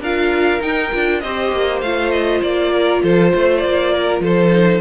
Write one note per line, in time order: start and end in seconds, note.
0.00 0.60 D4
0.00 0.60 F4
0.00 1.21 A#4
0.00 0.62 F5
0.60 0.90 D#4
0.60 0.92 D#4
0.60 1.20 G5
0.92 1.23 D4
0.92 1.22 F4
1.20 1.52 C4
1.20 1.84 G4
1.20 2.72 C5
1.20 1.80 D#5
1.52 1.81 A#3
1.81 2.41 A3
1.81 4.52 F4
1.81 2.11 F5
2.11 2.41 D#5
2.42 3.02 A#3
2.42 3.02 D5
2.72 3.02 A#4
3.03 3.33 F3
3.03 3.33 A4
3.03 3.58 C5
3.33 3.64 A3
3.33 3.93 C5
3.58 4.17 D5
3.64 4.20 A#3
3.93 4.22 A#4
4.20 4.80 F3
4.20 4.81 A4
4.20 4.81 C5
4.52 4.81 D#4